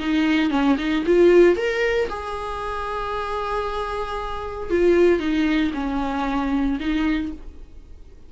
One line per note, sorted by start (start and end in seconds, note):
0.00 0.51 D#4
0.51 0.77 C#4
0.78 1.04 D#4
1.06 1.57 F4
1.57 2.09 A#4
2.10 4.71 G#4
4.71 5.20 F4
5.20 5.72 D#4
5.75 6.79 C#4
6.80 7.33 D#4